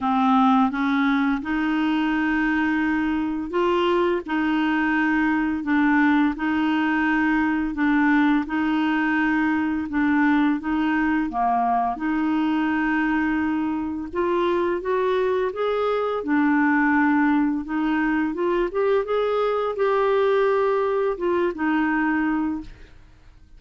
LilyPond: \new Staff \with { instrumentName = "clarinet" } { \time 4/4 \tempo 4 = 85 c'4 cis'4 dis'2~ | dis'4 f'4 dis'2 | d'4 dis'2 d'4 | dis'2 d'4 dis'4 |
ais4 dis'2. | f'4 fis'4 gis'4 d'4~ | d'4 dis'4 f'8 g'8 gis'4 | g'2 f'8 dis'4. | }